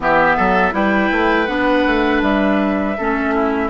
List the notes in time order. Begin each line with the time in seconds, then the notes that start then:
0.00 E3 B3 G4 E5
0.36 F#3 A4
0.72 G3 E4 B4 G5
1.11 A3
1.47 B3 D4 F#5
1.86 A3
2.22 G3 E5
2.97 A3 C#4 A4
3.34 E4